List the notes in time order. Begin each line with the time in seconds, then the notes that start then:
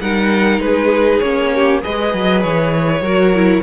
0.00 G3 D#4 A#4 F#5
0.59 G#3 G#4 B4
1.19 A#3 C#4 C#5
1.55 G4
1.81 G#3 G#4 B4 D#5
2.14 F#3
2.42 E3 C#5
3.01 F#3 F#4 A#4
3.35 E4